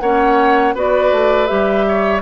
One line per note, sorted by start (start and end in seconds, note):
0.00 0.75 A#3
0.00 0.75 C#4
0.00 0.75 C#5
0.00 0.74 F#5
0.75 1.12 B3
0.75 1.47 F#4
0.75 1.86 B4
0.75 1.47 D5
1.12 1.49 A3
1.47 2.22 G3
1.47 2.21 G4
1.47 2.21 E5
1.88 2.22 C#5